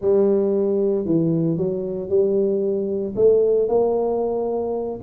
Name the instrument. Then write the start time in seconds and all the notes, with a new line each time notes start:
tuba
0.01 G3
1.05 E3
1.57 F#3
2.09 G3
3.15 A3
3.68 A#3